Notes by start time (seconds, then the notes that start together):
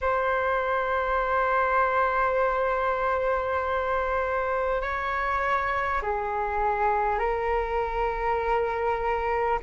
0.01 C5
4.81 C#5
6.02 G#4
7.18 A#4